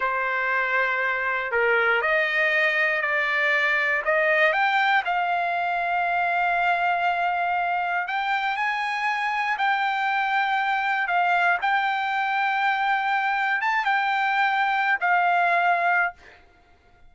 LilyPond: \new Staff \with { instrumentName = "trumpet" } { \time 4/4 \tempo 4 = 119 c''2. ais'4 | dis''2 d''2 | dis''4 g''4 f''2~ | f''1 |
g''4 gis''2 g''4~ | g''2 f''4 g''4~ | g''2. a''8 g''8~ | g''4.~ g''16 f''2~ f''16 | }